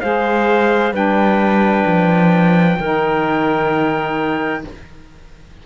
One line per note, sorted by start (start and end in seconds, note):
0.00 0.92 G#3
0.00 0.92 G#4
0.00 0.93 C5
0.00 0.92 F5
0.92 1.84 G3
0.92 2.77 D4
0.92 2.78 B4
0.92 4.65 G5
1.86 2.78 F3
2.79 4.64 D#3
2.79 4.66 D#4
2.79 4.64 A#4